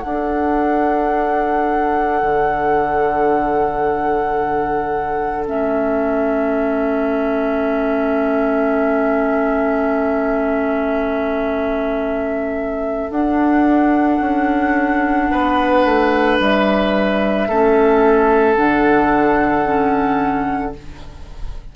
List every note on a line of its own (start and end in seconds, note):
0.00 5.47 D4
0.00 2.22 D4
0.00 15.31 A4
0.00 5.45 F#5
2.22 5.48 D3
5.47 13.10 A3
5.47 13.11 C#4
5.47 13.11 E5
13.10 14.19 D4
13.10 17.48 D4
13.10 16.39 F#5
14.21 15.30 C#4
15.31 15.85 B3
15.31 17.49 B4
15.85 16.40 A3
16.40 17.48 G3
16.40 18.55 E5
17.48 18.57 A3
17.48 18.57 C#4
17.48 20.76 A4
18.55 20.75 D3
18.55 19.65 D4
18.55 20.73 F#5
19.65 20.74 C#4